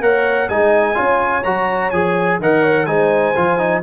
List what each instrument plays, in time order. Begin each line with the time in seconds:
0.00 tuba A#3, trombone A#4, horn C#5, trumpet F#5
0.48 tuba G#3, trombone D#4, horn D#5, trumpet G#5
0.94 tuba C#4, trombone F4, horn C#5
1.43 tuba F#3, trombone F#4, trumpet A#5
1.90 tuba F3, trombone G#4, trumpet G#5
2.39 tuba D#3, trombone A#4, horn D#5, trumpet F#5
2.62 horn C#5
2.86 tuba G#3, trombone D#4, horn C5, trumpet G#5
3.35 tuba F3, trombone F4
3.58 trombone D#4